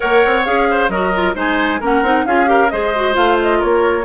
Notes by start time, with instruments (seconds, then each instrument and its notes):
0.00 bassoon A#3, clarinet A#4, oboe C#5, flute F#5
0.25 bassoon C4
0.44 bassoon C#4, clarinet G#4, flute F5
0.70 oboe C5
0.89 bassoon F#3, clarinet F#4, oboe A#4, flute D#5
1.14 clarinet F4
1.34 bassoon G#3, clarinet D#4, oboe C5, flute G#5
1.80 bassoon A#3, clarinet C#4, oboe A#4, flute F#5
2.02 bassoon C4, clarinet D#4
2.25 bassoon C#4, clarinet F4, oboe G#4, flute F5
2.45 clarinet G4, oboe A#4
2.69 bassoon G#3, clarinet G#4, oboe C5, flute D#5
2.95 clarinet F#4
3.13 bassoon A3, clarinet F4, flute F5
3.42 flute D#5
3.59 bassoon A#3, oboe A#4, flute C#5